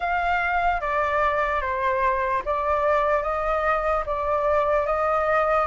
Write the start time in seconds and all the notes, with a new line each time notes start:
0.00 F5
0.80 D5
1.61 C5
2.45 D5
3.22 D#5
4.05 D5
4.86 D#5